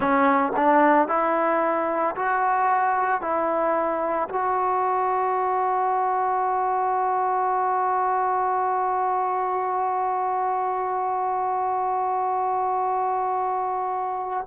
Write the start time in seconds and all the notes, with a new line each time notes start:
0.00 C#4
0.56 D4
1.08 E4
2.15 F#4
3.21 E4
4.29 F#4